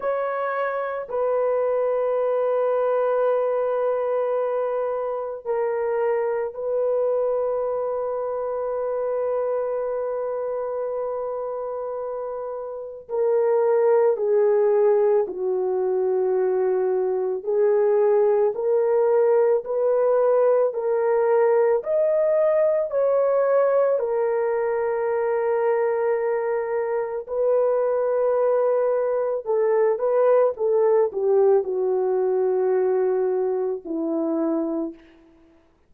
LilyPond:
\new Staff \with { instrumentName = "horn" } { \time 4/4 \tempo 4 = 55 cis''4 b'2.~ | b'4 ais'4 b'2~ | b'1 | ais'4 gis'4 fis'2 |
gis'4 ais'4 b'4 ais'4 | dis''4 cis''4 ais'2~ | ais'4 b'2 a'8 b'8 | a'8 g'8 fis'2 e'4 | }